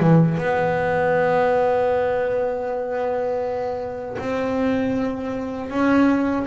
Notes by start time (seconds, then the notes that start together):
0.00 E3
0.38 B3
4.19 C4
5.71 C#4